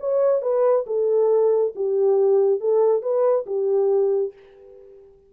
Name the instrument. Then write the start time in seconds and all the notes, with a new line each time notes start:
horn
0.00 C#5
0.42 B4
0.87 A4
1.75 G4
2.60 A4
3.02 B4
3.46 G4